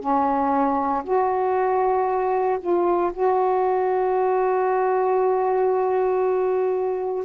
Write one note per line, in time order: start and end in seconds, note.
0.00 1.03 C#4
1.03 2.59 F#4
2.60 3.12 F4
3.13 7.25 F#4